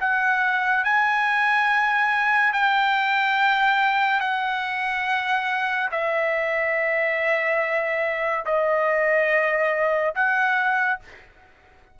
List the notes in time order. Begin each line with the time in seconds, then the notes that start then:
0.00 F#5
0.84 G#5
2.53 G5
4.20 F#5
5.91 E5
8.45 D#5
10.15 F#5